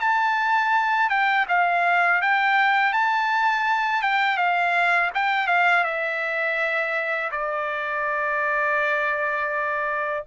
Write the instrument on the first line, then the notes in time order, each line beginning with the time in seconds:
trumpet
0.00 A5
1.09 G5
1.48 F5
2.21 G5
2.93 A5
4.02 G5
4.37 F5
5.14 G5
5.47 F5
5.84 E5
7.31 D5